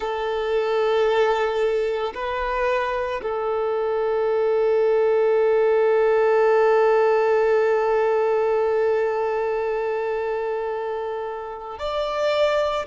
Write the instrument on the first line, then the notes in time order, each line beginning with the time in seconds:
violin
0.00 A4
2.14 B4
3.22 A4
11.79 D5